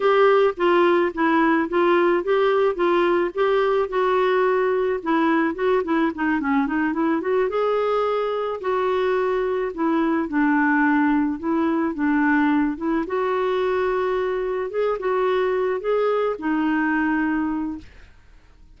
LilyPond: \new Staff \with { instrumentName = "clarinet" } { \time 4/4 \tempo 4 = 108 g'4 f'4 e'4 f'4 | g'4 f'4 g'4 fis'4~ | fis'4 e'4 fis'8 e'8 dis'8 cis'8 | dis'8 e'8 fis'8 gis'2 fis'8~ |
fis'4. e'4 d'4.~ | d'8 e'4 d'4. e'8 fis'8~ | fis'2~ fis'8 gis'8 fis'4~ | fis'8 gis'4 dis'2~ dis'8 | }